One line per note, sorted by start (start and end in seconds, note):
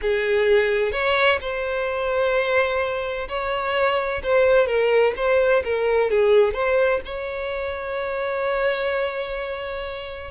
0.01 0.92 G#4
0.92 1.38 C#5
1.40 3.28 C5
3.28 4.22 C#5
4.23 4.66 C5
4.66 5.13 A#4
5.16 5.63 C5
5.64 6.10 A#4
6.10 6.53 G#4
6.53 7.00 C5
7.05 10.30 C#5